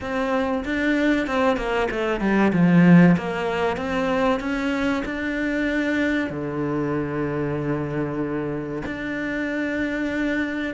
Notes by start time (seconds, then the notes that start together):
0.00 C4
0.65 D4
1.26 C4
1.56 A#3
1.90 A3
2.20 G3
2.53 F3
3.17 A#3
3.76 C4
4.40 C#4
5.05 D4
6.30 D3
8.85 D4